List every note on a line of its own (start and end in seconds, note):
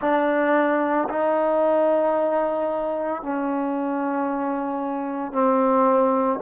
0.00 1.08 D4
1.09 3.22 D#4
3.22 5.32 C#4
5.32 6.39 C4